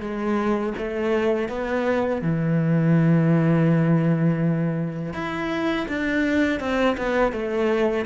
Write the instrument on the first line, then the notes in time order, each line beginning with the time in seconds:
cello
0.00 G#3
0.77 A3
1.48 B3
2.22 E3
5.13 E4
5.88 D4
6.60 C4
6.97 B3
7.32 A3